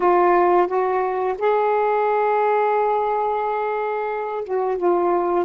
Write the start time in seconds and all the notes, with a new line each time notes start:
0.00 F4
0.67 F#4
1.38 G#4
4.44 F#4
4.77 F4